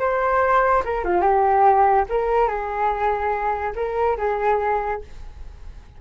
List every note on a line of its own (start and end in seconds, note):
0.00 0.83 C5
0.85 1.05 A#4
1.05 1.22 F4
1.22 2.05 G4
2.09 2.48 A#4
2.48 3.73 G#4
3.76 4.18 A#4
4.18 5.02 G#4